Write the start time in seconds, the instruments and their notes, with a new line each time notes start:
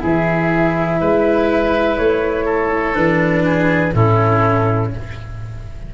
0.00 tuba E3, cello E4, oboe G#4, flute E5
1.01 tuba G#3, oboe B4
1.98 tuba A3, flute C#5
2.45 oboe A4
2.94 tuba E3, cello D4, flute B4
3.45 oboe G#4
3.94 tuba A2, cello C#4, oboe E4, flute A4